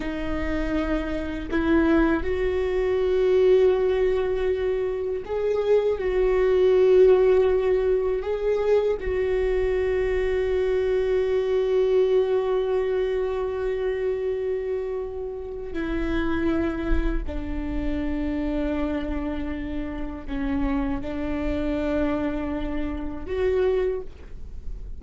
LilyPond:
\new Staff \with { instrumentName = "viola" } { \time 4/4 \tempo 4 = 80 dis'2 e'4 fis'4~ | fis'2. gis'4 | fis'2. gis'4 | fis'1~ |
fis'1~ | fis'4 e'2 d'4~ | d'2. cis'4 | d'2. fis'4 | }